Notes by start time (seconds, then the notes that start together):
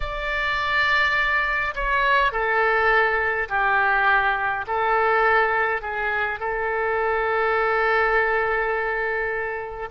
0.00 D5
1.74 C#5
2.31 A4
3.48 G4
4.67 A4
5.81 G#4
6.39 A4